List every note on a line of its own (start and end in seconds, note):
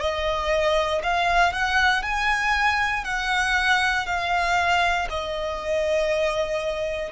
0.00 1.02 D#5
1.03 1.52 F5
1.52 2.02 F#5
2.02 3.04 G#5
3.04 4.06 F#5
4.06 5.08 F5
5.09 7.12 D#5